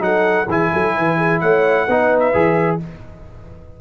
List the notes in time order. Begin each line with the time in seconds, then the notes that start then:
0.00 F#3 D#4 A4 F#5
0.48 E3 E4 G#4 G#5
0.73 F#3 A4
0.98 E3 B4
1.18 G#4
1.41 A3 C#5 F#5
1.87 B3 D#4 B4
2.20 E5
2.34 E3 G#4